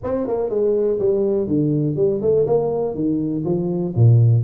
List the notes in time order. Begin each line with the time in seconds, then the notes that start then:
0.03 C4
0.27 A#3
0.49 G#3
0.99 G3
1.47 D3
1.96 G3
2.21 A3
2.46 A#3
2.95 D#3
3.44 F3
3.95 A#2